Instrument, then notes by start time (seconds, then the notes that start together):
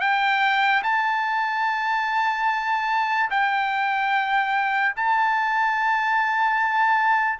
trumpet
0.00 G5
0.83 A5
3.30 G5
4.96 A5